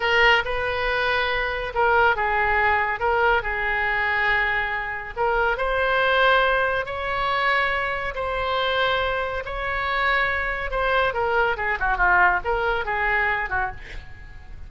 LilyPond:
\new Staff \with { instrumentName = "oboe" } { \time 4/4 \tempo 4 = 140 ais'4 b'2. | ais'4 gis'2 ais'4 | gis'1 | ais'4 c''2. |
cis''2. c''4~ | c''2 cis''2~ | cis''4 c''4 ais'4 gis'8 fis'8 | f'4 ais'4 gis'4. fis'8 | }